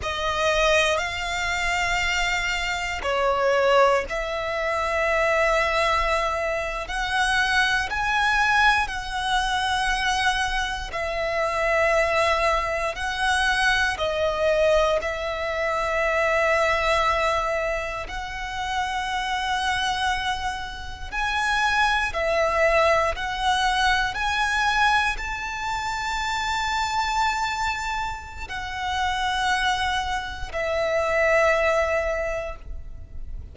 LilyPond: \new Staff \with { instrumentName = "violin" } { \time 4/4 \tempo 4 = 59 dis''4 f''2 cis''4 | e''2~ e''8. fis''4 gis''16~ | gis''8. fis''2 e''4~ e''16~ | e''8. fis''4 dis''4 e''4~ e''16~ |
e''4.~ e''16 fis''2~ fis''16~ | fis''8. gis''4 e''4 fis''4 gis''16~ | gis''8. a''2.~ a''16 | fis''2 e''2 | }